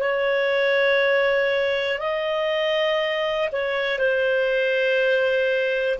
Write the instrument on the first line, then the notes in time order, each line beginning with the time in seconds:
clarinet
0.00 C#5
1.99 D#5
3.52 C#5
3.98 C5